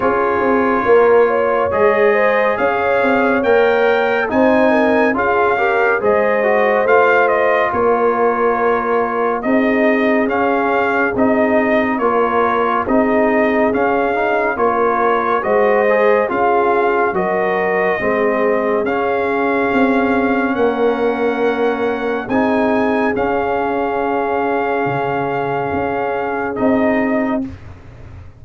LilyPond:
<<
  \new Staff \with { instrumentName = "trumpet" } { \time 4/4 \tempo 4 = 70 cis''2 dis''4 f''4 | g''4 gis''4 f''4 dis''4 | f''8 dis''8 cis''2 dis''4 | f''4 dis''4 cis''4 dis''4 |
f''4 cis''4 dis''4 f''4 | dis''2 f''2 | fis''2 gis''4 f''4~ | f''2. dis''4 | }
  \new Staff \with { instrumentName = "horn" } { \time 4/4 gis'4 ais'8 cis''4 c''8 cis''4~ | cis''4 c''8 ais'8 gis'8 ais'8 c''4~ | c''4 ais'2 gis'4~ | gis'2 ais'4 gis'4~ |
gis'4 ais'4 c''4 gis'4 | ais'4 gis'2. | ais'2 gis'2~ | gis'1 | }
  \new Staff \with { instrumentName = "trombone" } { \time 4/4 f'2 gis'2 | ais'4 dis'4 f'8 g'8 gis'8 fis'8 | f'2. dis'4 | cis'4 dis'4 f'4 dis'4 |
cis'8 dis'8 f'4 fis'8 gis'8 f'4 | fis'4 c'4 cis'2~ | cis'2 dis'4 cis'4~ | cis'2. dis'4 | }
  \new Staff \with { instrumentName = "tuba" } { \time 4/4 cis'8 c'8 ais4 gis4 cis'8 c'8 | ais4 c'4 cis'4 gis4 | a4 ais2 c'4 | cis'4 c'4 ais4 c'4 |
cis'4 ais4 gis4 cis'4 | fis4 gis4 cis'4 c'4 | ais2 c'4 cis'4~ | cis'4 cis4 cis'4 c'4 | }
>>